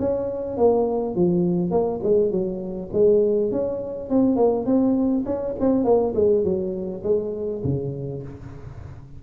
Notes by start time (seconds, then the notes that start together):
0.00 C#4
0.57 A#3
1.15 F3
1.71 A#3
2.03 G#3
2.31 F#3
2.93 G#3
3.52 C#4
4.10 C4
4.36 A#3
4.66 C4
5.26 C#4
5.60 C4
5.84 A#3
6.15 G#3
6.44 F#3
7.03 G#3
7.64 C#3